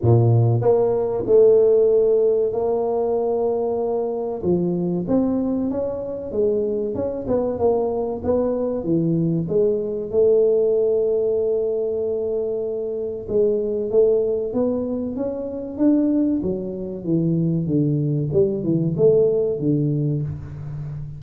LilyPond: \new Staff \with { instrumentName = "tuba" } { \time 4/4 \tempo 4 = 95 ais,4 ais4 a2 | ais2. f4 | c'4 cis'4 gis4 cis'8 b8 | ais4 b4 e4 gis4 |
a1~ | a4 gis4 a4 b4 | cis'4 d'4 fis4 e4 | d4 g8 e8 a4 d4 | }